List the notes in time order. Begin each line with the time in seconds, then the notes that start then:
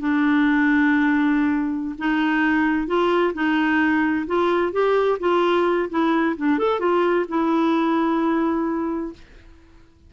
0.00 D4
1.99 D#4
2.88 F4
3.34 D#4
4.27 F4
4.73 G4
5.20 F4
5.90 E4
6.37 D4
6.59 A4
6.80 F4
7.29 E4